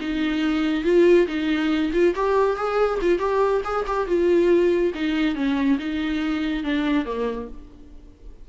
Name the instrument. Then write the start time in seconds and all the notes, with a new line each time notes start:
viola
0.00 D#4
0.84 F4
1.27 D#4
1.92 F4
2.15 G4
2.56 G#4
3.02 F4
3.19 G4
3.64 G#4
3.87 G4
4.07 F4
4.94 D#4
5.35 C#4
5.78 D#4
6.63 D4
7.05 A#3